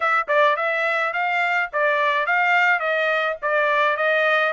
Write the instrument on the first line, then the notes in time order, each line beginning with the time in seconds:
trumpet
0.00 E5
0.28 D5
0.56 E5
1.13 F5
1.73 D5
2.26 F5
2.79 D#5
3.42 D5
3.96 D#5